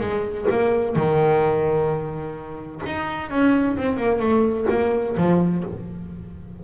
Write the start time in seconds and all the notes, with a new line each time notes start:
0.00 G#3
0.51 A#3
0.96 D#3
2.86 D#4
3.30 C#4
3.77 C4
3.97 A#3
4.20 A3
4.70 A#3
5.17 F3